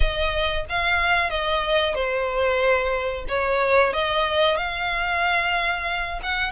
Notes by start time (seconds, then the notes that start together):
0.00 D#5
0.69 F5
1.30 D#5
1.94 C5
3.28 C#5
3.93 D#5
4.57 F5
6.23 F#5